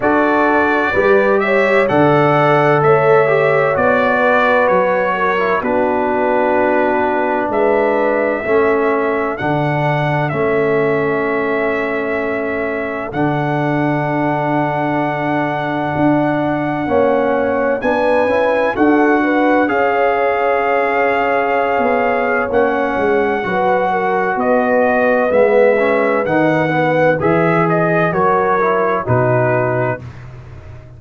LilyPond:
<<
  \new Staff \with { instrumentName = "trumpet" } { \time 4/4 \tempo 4 = 64 d''4. e''8 fis''4 e''4 | d''4 cis''4 b'2 | e''2 fis''4 e''4~ | e''2 fis''2~ |
fis''2. gis''4 | fis''4 f''2. | fis''2 dis''4 e''4 | fis''4 e''8 dis''8 cis''4 b'4 | }
  \new Staff \with { instrumentName = "horn" } { \time 4/4 a'4 b'8 cis''8 d''4 cis''4~ | cis''8 b'4 ais'8 fis'2 | b'4 a'2.~ | a'1~ |
a'2 cis''4 b'4 | a'8 b'8 cis''2.~ | cis''4 b'8 ais'8 b'2~ | b'2 ais'4 fis'4 | }
  \new Staff \with { instrumentName = "trombone" } { \time 4/4 fis'4 g'4 a'4. g'8 | fis'4.~ fis'16 e'16 d'2~ | d'4 cis'4 d'4 cis'4~ | cis'2 d'2~ |
d'2 cis'4 d'8 e'8 | fis'4 gis'2. | cis'4 fis'2 b8 cis'8 | dis'8 b8 gis'4 fis'8 e'8 dis'4 | }
  \new Staff \with { instrumentName = "tuba" } { \time 4/4 d'4 g4 d4 a4 | b4 fis4 b2 | gis4 a4 d4 a4~ | a2 d2~ |
d4 d'4 ais4 b8 cis'8 | d'4 cis'2~ cis'16 b8. | ais8 gis8 fis4 b4 gis4 | dis4 e4 fis4 b,4 | }
>>